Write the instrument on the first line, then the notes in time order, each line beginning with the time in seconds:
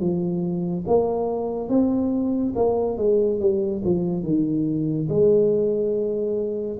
tuba
0.00 F3
0.87 A#3
1.69 C4
2.55 A#3
2.97 G#3
3.40 G3
3.85 F3
4.23 D#3
5.09 G#3